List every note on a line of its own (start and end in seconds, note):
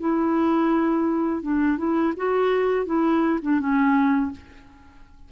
0.00 1.43 E4
1.43 1.78 D4
1.78 2.13 E4
2.17 2.86 F#4
2.86 3.39 E4
3.42 3.60 D4
3.60 4.31 C#4